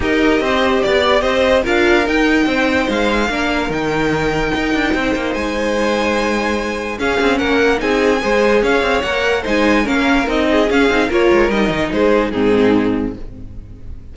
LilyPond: <<
  \new Staff \with { instrumentName = "violin" } { \time 4/4 \tempo 4 = 146 dis''2 d''4 dis''4 | f''4 g''2 f''4~ | f''4 g''2.~ | g''4 gis''2.~ |
gis''4 f''4 fis''4 gis''4~ | gis''4 f''4 fis''4 gis''4 | f''4 dis''4 f''4 cis''4 | dis''4 c''4 gis'2 | }
  \new Staff \with { instrumentName = "violin" } { \time 4/4 ais'4 c''4 d''4 c''4 | ais'2 c''2 | ais'1 | c''1~ |
c''4 gis'4 ais'4 gis'4 | c''4 cis''2 c''4 | ais'4. gis'4. ais'4~ | ais'4 gis'4 dis'2 | }
  \new Staff \with { instrumentName = "viola" } { \time 4/4 g'1 | f'4 dis'2. | d'4 dis'2.~ | dis'1~ |
dis'4 cis'2 dis'4 | gis'2 ais'4 dis'4 | cis'4 dis'4 cis'8 dis'8 f'4 | dis'2 c'2 | }
  \new Staff \with { instrumentName = "cello" } { \time 4/4 dis'4 c'4 b4 c'4 | d'4 dis'4 c'4 gis4 | ais4 dis2 dis'8 d'8 | c'8 ais8 gis2.~ |
gis4 cis'8 c'8 ais4 c'4 | gis4 cis'8 c'8 ais4 gis4 | ais4 c'4 cis'8 c'8 ais8 gis8 | g8 dis8 gis4 gis,2 | }
>>